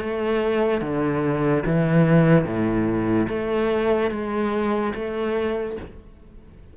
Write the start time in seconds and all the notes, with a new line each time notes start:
0.00 A3
0.81 D3
1.66 E3
2.45 A2
3.29 A3
4.11 G#3
4.95 A3